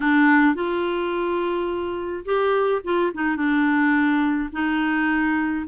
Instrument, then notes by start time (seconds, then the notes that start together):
clarinet
0.00 D4
0.54 F4
2.25 G4
2.84 F4
3.14 D#4
3.36 D4
4.52 D#4